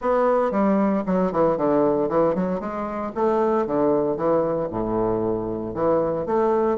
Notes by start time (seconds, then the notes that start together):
0.01 B3
0.51 G3
1.06 F#3
1.31 E3
1.57 D3
2.09 E3
2.35 F#3
2.60 G#3
3.14 A3
3.66 D3
4.16 E3
4.70 A2
5.74 E3
6.26 A3